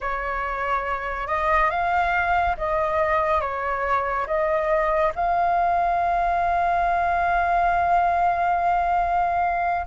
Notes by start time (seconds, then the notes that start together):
0.00 C#5
1.27 D#5
1.70 F5
2.57 D#5
3.41 C#5
4.26 D#5
5.15 F5